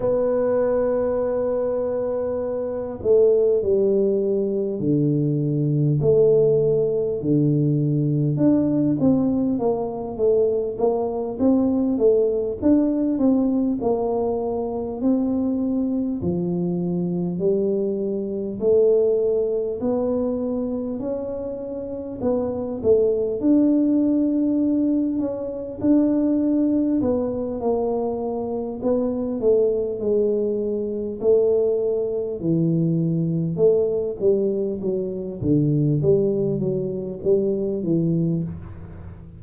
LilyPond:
\new Staff \with { instrumentName = "tuba" } { \time 4/4 \tempo 4 = 50 b2~ b8 a8 g4 | d4 a4 d4 d'8 c'8 | ais8 a8 ais8 c'8 a8 d'8 c'8 ais8~ | ais8 c'4 f4 g4 a8~ |
a8 b4 cis'4 b8 a8 d'8~ | d'4 cis'8 d'4 b8 ais4 | b8 a8 gis4 a4 e4 | a8 g8 fis8 d8 g8 fis8 g8 e8 | }